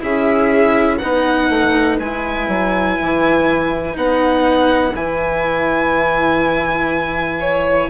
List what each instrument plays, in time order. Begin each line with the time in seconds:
0.00 bassoon C#4, cello E4, violin G#4 E5
0.98 bassoon B3, cello D#4, violin B4 F#5
1.50 bassoon A3
1.99 bassoon G#3, cello E4, violin G#5
2.48 bassoon F#3
3.02 bassoon E3
3.93 bassoon B3, cello D#4, violin F#5
4.94 bassoon E3, cello E4, violin G#5
7.40 violin C#5